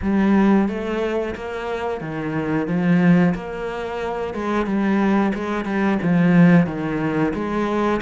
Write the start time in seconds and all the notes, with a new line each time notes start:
0.02 G3
0.68 A3
1.35 A#3
2.01 D#3
2.67 F3
3.34 A#3
4.34 G#3
4.65 G3
5.34 G#3
5.65 G3
6.02 F3
6.66 D#3
7.34 G#3